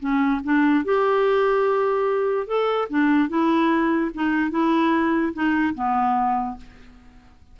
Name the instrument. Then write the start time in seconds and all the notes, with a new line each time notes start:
clarinet
0.00 C#4
0.44 D4
0.85 G4
2.47 A4
2.90 D4
3.29 E4
4.14 D#4
4.51 E4
5.33 D#4
5.75 B3